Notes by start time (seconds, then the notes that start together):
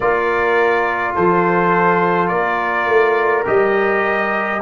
0.00 A#3 F4 A#4 D5
1.15 F3 A4 C5
2.28 A#3 A#4 D5
2.87 A3
3.45 G3 G4 D#5